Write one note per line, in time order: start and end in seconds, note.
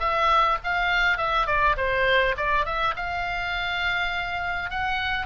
0.00 0.58 E5
0.64 1.18 F5
1.18 1.47 E5
1.47 1.76 D5
1.77 2.36 C5
2.37 2.66 D5
2.66 2.95 E5
2.97 4.71 F5
4.71 5.26 F#5